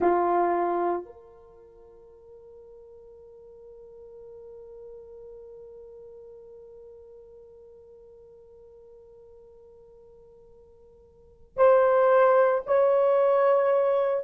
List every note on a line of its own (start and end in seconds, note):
0.00 1.05 F4
1.05 11.56 A#4
11.56 12.62 C5
12.66 14.24 C#5